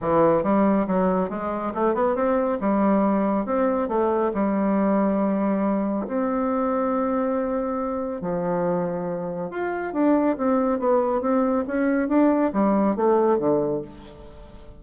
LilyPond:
\new Staff \with { instrumentName = "bassoon" } { \time 4/4 \tempo 4 = 139 e4 g4 fis4 gis4 | a8 b8 c'4 g2 | c'4 a4 g2~ | g2 c'2~ |
c'2. f4~ | f2 f'4 d'4 | c'4 b4 c'4 cis'4 | d'4 g4 a4 d4 | }